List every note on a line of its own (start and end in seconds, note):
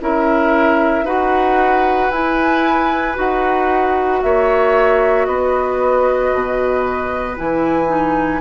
0.00 1.04 C#4
0.00 1.05 E4
0.00 1.05 A#4
0.00 1.07 E5
1.04 2.09 D#4
1.04 2.11 F#4
1.04 4.21 B4
1.04 2.11 F#5
2.11 3.16 E4
2.11 3.14 E4
2.11 3.16 G#5
3.14 4.23 D#4
3.14 7.35 F#4
3.14 4.23 F#5
4.23 5.27 A#3
4.23 5.27 C#5
4.23 5.26 E5
5.26 6.32 B3
5.26 8.41 B4
5.26 7.36 D#5
6.33 7.38 B2
7.36 8.41 E3
7.36 7.87 E4
7.36 8.41 G#5
7.87 8.40 D#4